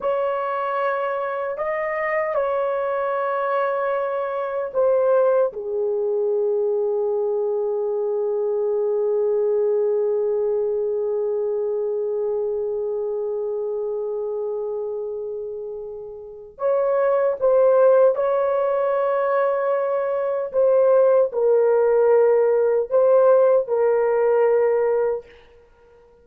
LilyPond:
\new Staff \with { instrumentName = "horn" } { \time 4/4 \tempo 4 = 76 cis''2 dis''4 cis''4~ | cis''2 c''4 gis'4~ | gis'1~ | gis'1~ |
gis'1~ | gis'4 cis''4 c''4 cis''4~ | cis''2 c''4 ais'4~ | ais'4 c''4 ais'2 | }